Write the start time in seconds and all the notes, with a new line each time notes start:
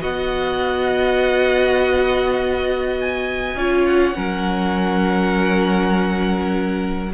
0.00 B3 F#4 D#5 F#5
3.00 G#5
3.55 C#4 F4 C#5
3.85 F#5
4.13 F#3 C#4 A#4